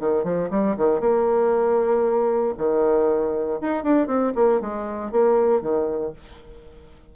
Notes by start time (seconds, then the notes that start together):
0.00 D#3
0.24 F3
0.51 G3
0.77 D#3
1.00 A#3
2.58 D#3
3.61 D#4
3.84 D4
4.07 C4
4.35 A#3
4.61 G#3
5.12 A#3
5.62 D#3